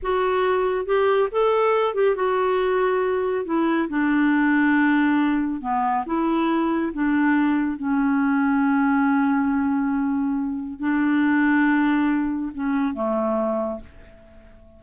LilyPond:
\new Staff \with { instrumentName = "clarinet" } { \time 4/4 \tempo 4 = 139 fis'2 g'4 a'4~ | a'8 g'8 fis'2. | e'4 d'2.~ | d'4 b4 e'2 |
d'2 cis'2~ | cis'1~ | cis'4 d'2.~ | d'4 cis'4 a2 | }